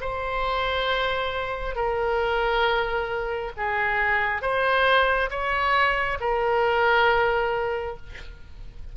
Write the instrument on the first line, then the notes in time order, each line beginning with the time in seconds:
oboe
0.00 C5
1.75 A#4
3.57 G#4
4.41 C5
5.30 C#5
6.20 A#4